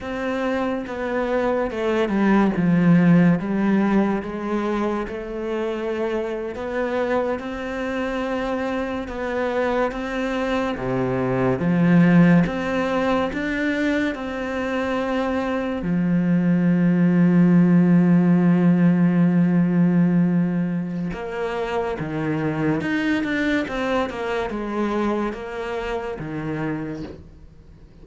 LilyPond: \new Staff \with { instrumentName = "cello" } { \time 4/4 \tempo 4 = 71 c'4 b4 a8 g8 f4 | g4 gis4 a4.~ a16 b16~ | b8. c'2 b4 c'16~ | c'8. c4 f4 c'4 d'16~ |
d'8. c'2 f4~ f16~ | f1~ | f4 ais4 dis4 dis'8 d'8 | c'8 ais8 gis4 ais4 dis4 | }